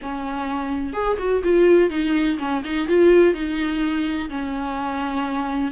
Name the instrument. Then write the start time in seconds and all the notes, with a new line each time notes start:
viola
0.02 C#4
0.93 G#4
1.18 F#4
1.43 F4
1.90 D#4
2.39 C#4
2.64 D#4
2.88 F4
3.34 D#4
4.29 C#4